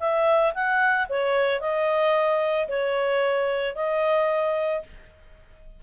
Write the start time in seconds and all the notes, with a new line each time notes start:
0.00 E5
0.54 F#5
1.09 C#5
1.61 D#5
2.68 C#5
3.75 D#5